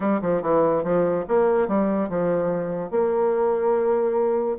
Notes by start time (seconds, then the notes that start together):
0.00 G3
0.21 F3
0.41 E3
0.83 F3
1.27 A#3
1.68 G3
2.09 F3
2.91 A#3